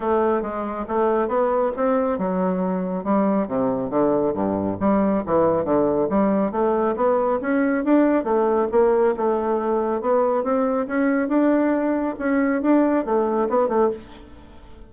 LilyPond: \new Staff \with { instrumentName = "bassoon" } { \time 4/4 \tempo 4 = 138 a4 gis4 a4 b4 | c'4 fis2 g4 | c4 d4 g,4 g4 | e4 d4 g4 a4 |
b4 cis'4 d'4 a4 | ais4 a2 b4 | c'4 cis'4 d'2 | cis'4 d'4 a4 b8 a8 | }